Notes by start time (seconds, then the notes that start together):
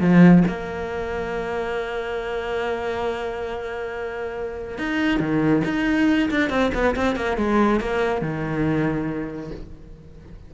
0.00 F3
0.47 A#3
4.78 D#4
5.20 D#3
5.64 D#4
6.31 D4
6.50 C4
6.74 B3
6.96 C4
7.16 A#3
7.37 G#3
7.80 A#3
8.21 D#3